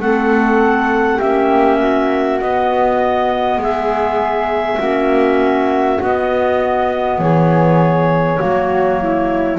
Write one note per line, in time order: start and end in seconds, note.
0.00 1.20 A3
0.00 1.22 C4
0.00 1.17 A4
0.00 1.20 F#5
1.17 2.42 A#3
1.17 2.42 C#4
1.17 1.77 G4
1.17 2.40 E5
1.79 3.59 F#4
2.41 3.58 B3
2.41 4.81 B3
2.41 3.61 D#5
3.58 4.78 G#3
3.58 4.79 G#4
3.58 6.03 E5
4.79 6.00 A#3
4.79 6.01 C#4
4.79 7.19 F#4
6.01 7.19 B3
6.01 8.37 B3
6.01 7.21 D#5
7.19 8.39 E3
7.19 8.39 G#4
7.19 9.59 C#5
8.37 9.59 F#3
8.37 9.57 A#3
8.37 9.00 F#4
9.02 9.59 E4